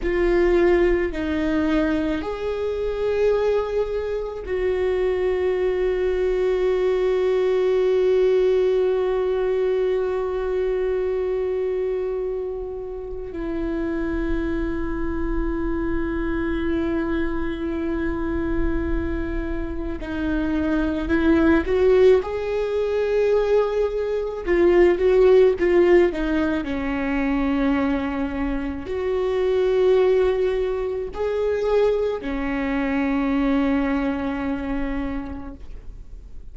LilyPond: \new Staff \with { instrumentName = "viola" } { \time 4/4 \tempo 4 = 54 f'4 dis'4 gis'2 | fis'1~ | fis'1 | e'1~ |
e'2 dis'4 e'8 fis'8 | gis'2 f'8 fis'8 f'8 dis'8 | cis'2 fis'2 | gis'4 cis'2. | }